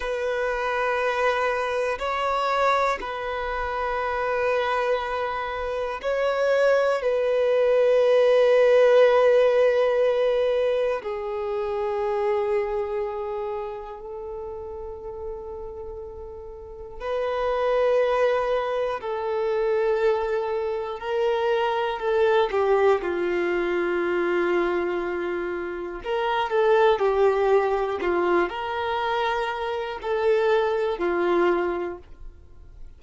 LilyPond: \new Staff \with { instrumentName = "violin" } { \time 4/4 \tempo 4 = 60 b'2 cis''4 b'4~ | b'2 cis''4 b'4~ | b'2. gis'4~ | gis'2 a'2~ |
a'4 b'2 a'4~ | a'4 ais'4 a'8 g'8 f'4~ | f'2 ais'8 a'8 g'4 | f'8 ais'4. a'4 f'4 | }